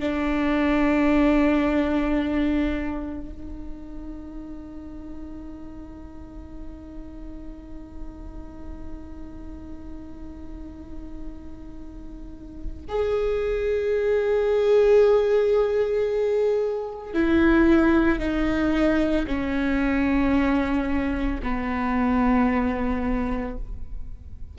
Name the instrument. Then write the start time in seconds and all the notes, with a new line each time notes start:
viola
0.00 D4
3.21 D#4
12.89 G#4
17.14 E4
18.19 D#4
19.27 C#4
21.43 B3